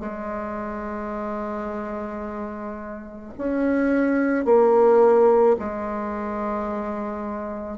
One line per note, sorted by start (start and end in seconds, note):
0.00 3.33 G#3
3.38 4.45 C#4
4.45 5.57 A#3
5.59 7.78 G#3